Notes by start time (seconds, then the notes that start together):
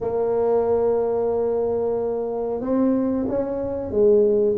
0.00 A#3
2.61 C4
3.28 C#4
3.90 G#3